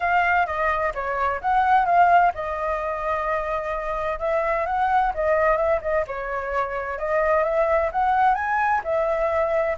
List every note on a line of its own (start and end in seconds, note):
0.00 0.46 F5
0.46 0.92 D#5
0.94 1.40 C#5
1.41 1.85 F#5
1.85 2.32 F5
2.34 4.19 D#5
4.19 4.66 E5
4.66 5.12 F#5
5.14 5.56 D#5
5.56 5.80 E5
5.81 6.05 D#5
6.07 6.98 C#5
6.98 7.43 D#5
7.43 7.90 E5
7.92 8.34 F#5
8.34 8.81 G#5
8.84 9.77 E5